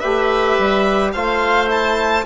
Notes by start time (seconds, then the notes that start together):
0.00 A3 G4 B4 E5
0.59 G3
1.13 A3 F4 C5 F5
1.68 E4 A5